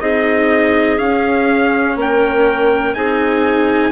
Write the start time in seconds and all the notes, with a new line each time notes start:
0.00 C4 D#4 G#4 D#5
0.98 C#4 F5
1.96 A#3 A#4 G5
2.94 C4 D#4 G#4 G#5